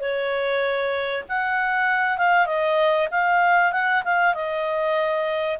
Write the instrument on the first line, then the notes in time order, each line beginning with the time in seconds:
clarinet
0.00 C#5
1.28 F#5
2.17 F5
2.46 D#5
3.11 F5
3.72 F#5
4.04 F5
4.34 D#5